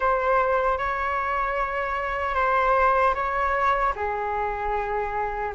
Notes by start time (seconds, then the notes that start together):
0.00 C5
0.78 C#5
2.35 C5
3.14 C#5
3.95 G#4